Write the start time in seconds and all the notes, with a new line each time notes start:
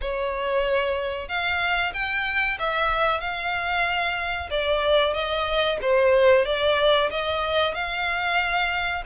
0.01 C#5
1.28 F5
1.93 G5
2.59 E5
3.20 F5
4.50 D5
5.13 D#5
5.81 C5
6.45 D5
7.10 D#5
7.74 F5